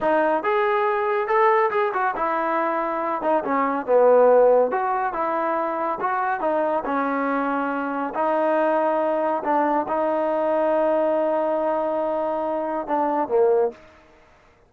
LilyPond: \new Staff \with { instrumentName = "trombone" } { \time 4/4 \tempo 4 = 140 dis'4 gis'2 a'4 | gis'8 fis'8 e'2~ e'8 dis'8 | cis'4 b2 fis'4 | e'2 fis'4 dis'4 |
cis'2. dis'4~ | dis'2 d'4 dis'4~ | dis'1~ | dis'2 d'4 ais4 | }